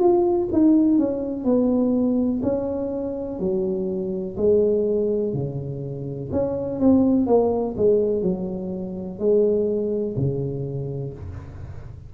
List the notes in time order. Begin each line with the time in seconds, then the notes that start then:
0.00 F4
0.52 D#4
0.99 C#4
1.45 B3
2.43 C#4
3.40 F#3
4.37 G#3
5.34 C#3
6.33 C#4
6.80 C4
7.27 A#3
7.78 G#3
8.23 F#3
9.19 G#3
10.17 C#3